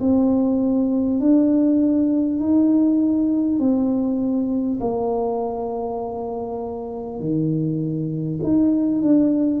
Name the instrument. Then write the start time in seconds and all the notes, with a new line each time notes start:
tuba
0.00 C4
1.20 D4
2.39 D#4
3.59 C4
4.80 A#3
7.19 D#3
8.42 D#4
9.01 D4